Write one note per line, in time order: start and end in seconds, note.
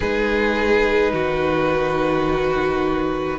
0.00 1.13 G#3
0.00 3.38 D#4
0.00 1.12 G#4
0.00 3.38 B4
1.12 3.38 D#3
1.12 3.38 F#4